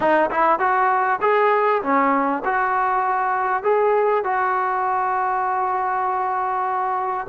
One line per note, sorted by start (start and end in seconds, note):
0.00 0.29 D#4
0.30 0.59 E4
0.59 1.19 F#4
1.21 1.82 G#4
1.82 2.42 C#4
2.45 3.63 F#4
3.63 4.23 G#4
4.24 7.27 F#4